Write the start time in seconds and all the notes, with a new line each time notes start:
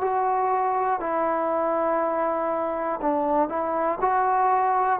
0.00 F#4
1.00 E4
3.01 D4
3.49 E4
4.00 F#4